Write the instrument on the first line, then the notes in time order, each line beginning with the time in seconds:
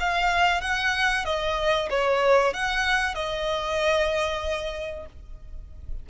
violin
0.00 F5
0.62 F#5
1.25 D#5
1.90 C#5
2.54 F#5
3.15 D#5